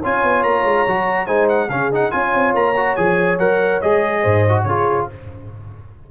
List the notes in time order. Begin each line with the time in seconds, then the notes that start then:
0.00 C#4 F4 C#5 G#5
0.23 B3
0.43 A#3 A#5
0.64 G#3
0.87 F#3 F#4
1.25 G#3 D#4 C5 G#5
1.49 F#5
1.69 C#3 C#4 G#4 F5
1.92 D#4 F#5
2.10 C#4 F4 C#5 G#5
2.34 C4
2.54 A#3 A#5
2.76 F#4
2.95 F3 G#4 G#5
3.38 F#3 A#4 F#5
3.81 G#3 G#4 D#5
4.21 G#2 C5
4.49 F#4
4.63 C#3 F4 G#4 C#5